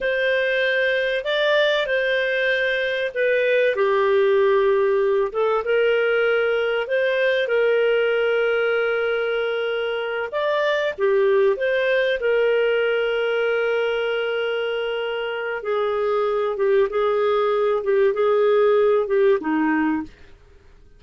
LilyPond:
\new Staff \with { instrumentName = "clarinet" } { \time 4/4 \tempo 4 = 96 c''2 d''4 c''4~ | c''4 b'4 g'2~ | g'8 a'8 ais'2 c''4 | ais'1~ |
ais'8 d''4 g'4 c''4 ais'8~ | ais'1~ | ais'4 gis'4. g'8 gis'4~ | gis'8 g'8 gis'4. g'8 dis'4 | }